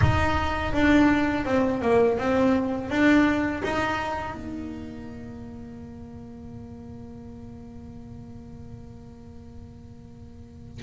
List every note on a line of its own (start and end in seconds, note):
0.01 0.73 D#4
0.73 1.45 D4
1.45 1.81 C4
1.81 2.18 A#3
2.18 2.90 C4
2.90 3.62 D4
3.63 4.33 D#4
4.33 10.83 A#3